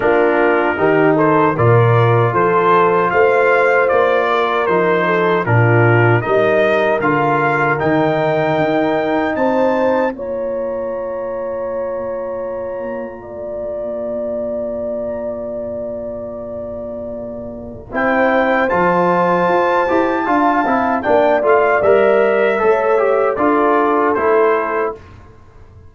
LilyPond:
<<
  \new Staff \with { instrumentName = "trumpet" } { \time 4/4 \tempo 4 = 77 ais'4. c''8 d''4 c''4 | f''4 d''4 c''4 ais'4 | dis''4 f''4 g''2 | a''4 ais''2.~ |
ais''1~ | ais''2. g''4 | a''2. g''8 f''8 | e''2 d''4 c''4 | }
  \new Staff \with { instrumentName = "horn" } { \time 4/4 f'4 g'8 a'8 ais'4 a'4 | c''4. ais'4 a'8 f'4 | ais'1 | c''4 cis''2.~ |
cis''4 d''2.~ | d''2. c''4~ | c''2 f''4 d''4~ | d''4 cis''4 a'2 | }
  \new Staff \with { instrumentName = "trombone" } { \time 4/4 d'4 dis'4 f'2~ | f'2 dis'4 d'4 | dis'4 f'4 dis'2~ | dis'4 f'2.~ |
f'1~ | f'2. e'4 | f'4. g'8 f'8 e'8 d'8 f'8 | ais'4 a'8 g'8 f'4 e'4 | }
  \new Staff \with { instrumentName = "tuba" } { \time 4/4 ais4 dis4 ais,4 f4 | a4 ais4 f4 ais,4 | g4 d4 dis4 dis'4 | c'4 ais2.~ |
ais1~ | ais2. c'4 | f4 f'8 e'8 d'8 c'8 ais8 a8 | g4 a4 d'4 a4 | }
>>